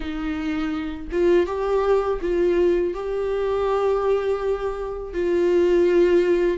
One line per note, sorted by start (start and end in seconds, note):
0.00 1.08 D#4
1.11 1.46 F4
1.46 2.19 G4
2.21 2.94 F4
2.94 5.13 G4
5.13 6.57 F4